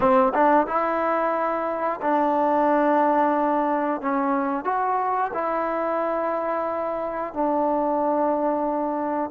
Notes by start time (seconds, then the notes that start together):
0.00 C4
0.34 D4
0.67 E4
2.02 D4
4.01 C#4
4.64 F#4
5.33 E4
7.33 D4